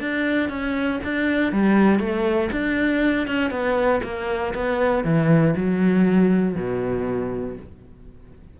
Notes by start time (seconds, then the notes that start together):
0.00 D4
0.49 C#4
1.04 D4
1.52 G3
1.99 A3
2.51 D4
3.27 C#4
3.50 B3
4.03 A#3
4.54 B3
5.04 E3
5.56 F#3
6.55 B2